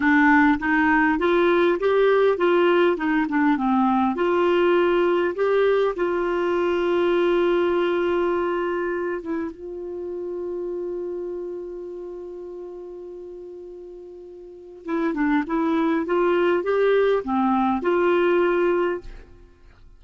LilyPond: \new Staff \with { instrumentName = "clarinet" } { \time 4/4 \tempo 4 = 101 d'4 dis'4 f'4 g'4 | f'4 dis'8 d'8 c'4 f'4~ | f'4 g'4 f'2~ | f'2.~ f'8 e'8 |
f'1~ | f'1~ | f'4 e'8 d'8 e'4 f'4 | g'4 c'4 f'2 | }